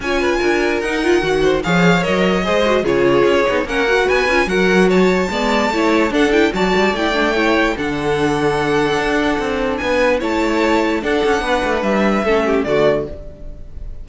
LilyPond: <<
  \new Staff \with { instrumentName = "violin" } { \time 4/4 \tempo 4 = 147 gis''2 fis''2 | f''4 dis''2 cis''4~ | cis''4 fis''4 gis''4 fis''4 | a''2. fis''8 g''8 |
a''4 g''2 fis''4~ | fis''1 | gis''4 a''2 fis''4~ | fis''4 e''2 d''4 | }
  \new Staff \with { instrumentName = "violin" } { \time 4/4 cis''8 b'8 ais'2~ ais'8 c''8 | cis''2 c''4 gis'4~ | gis'4 ais'4 b'4 ais'4 | cis''4 d''4 cis''4 a'4 |
d''2 cis''4 a'4~ | a'1 | b'4 cis''2 a'4 | b'2 a'8 g'8 fis'4 | }
  \new Staff \with { instrumentName = "viola" } { \time 4/4 f'2 dis'8 f'8 fis'4 | gis'4 ais'4 gis'8 fis'8 f'4~ | f'8 dis'8 cis'8 fis'4 f'8 fis'4~ | fis'4 b4 e'4 d'8 e'8 |
fis'4 e'8 d'8 e'4 d'4~ | d'1~ | d'4 e'2 d'4~ | d'2 cis'4 a4 | }
  \new Staff \with { instrumentName = "cello" } { \time 4/4 cis'4 d'4 dis'4 dis4 | f4 fis4 gis4 cis4 | cis'8 b8 ais4 b8 cis'8 fis4~ | fis4 gis4 a4 d'4 |
fis8 g8 a2 d4~ | d2 d'4 c'4 | b4 a2 d'8 cis'8 | b8 a8 g4 a4 d4 | }
>>